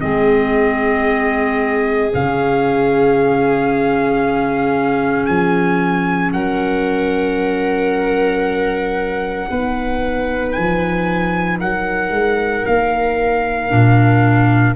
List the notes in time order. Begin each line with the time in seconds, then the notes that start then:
0.00 G#3 C4 G#4 D#5
2.13 C#3 C#4 F5
5.26 F3 G#5
6.33 F#3 A#4 F#5
9.49 B3 D#4 B4
10.53 F3 G#5
11.60 F#3 A#4 F#5
12.11 G#3
12.66 A#3 F5
13.70 A#2 D4